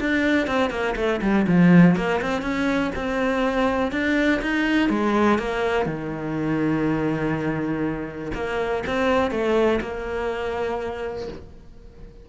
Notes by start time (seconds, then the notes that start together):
0.00 D4
0.47 C4
0.70 A#3
0.96 A3
1.21 G3
1.47 F3
1.96 A#3
2.21 C4
2.42 C#4
2.95 C4
3.91 D4
4.42 D#4
4.89 G#3
5.39 A#3
5.85 D#3
8.34 A#3
8.86 C4
9.31 A3
9.80 A#3